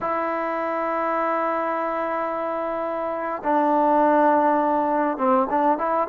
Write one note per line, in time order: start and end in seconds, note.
0.00 3.42 E4
3.43 5.17 D4
5.17 5.47 C4
5.50 5.78 D4
5.78 6.07 E4